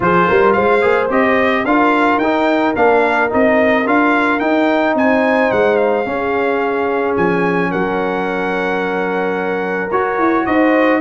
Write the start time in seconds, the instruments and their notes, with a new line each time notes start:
0.00 tuba F3, trombone F4, horn G#4, trumpet C5
0.28 tuba G3, horn A#4
0.52 tuba G#3, horn C5, trumpet F5
0.81 tuba A#3, trombone G#4
1.09 tuba C4, trombone G4, trumpet D#5
1.65 tuba D4, trombone F4, horn A#4, trumpet F5
2.17 tuba D#4, trumpet G5
2.23 trombone D#4
2.75 tuba A#3, trombone D4, trumpet F5
3.29 tuba C4, trombone D#4, trumpet D#5
3.86 tuba D4, trombone F4, trumpet F5
4.39 trombone D#4, tuba D#4, trumpet G5
4.94 tuba C4, horn C5, trumpet G#5
5.51 tuba G#3, trumpet F#5
5.76 trumpet F5
6.04 trombone C#4, tuba C#4, horn G#4
7.16 tuba F3, trumpet G#5
7.70 tuba F#3, horn A#4, trumpet F#5
9.91 tuba F#4, trombone F#4, trumpet C#5
10.18 tuba E4
10.46 tuba D#4, horn C5, trumpet D#5